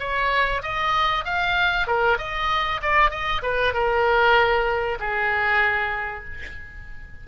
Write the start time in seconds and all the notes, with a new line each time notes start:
0.00 C#5
0.63 D#5
1.25 F5
1.88 A#4
2.18 D#5
2.82 D5
3.11 D#5
3.43 B4
3.74 A#4
5.00 G#4